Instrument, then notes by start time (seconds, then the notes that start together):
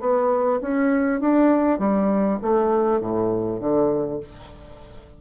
bassoon
0.00 B3
0.61 C#4
1.20 D4
1.79 G3
2.42 A3
3.00 A2
3.60 D3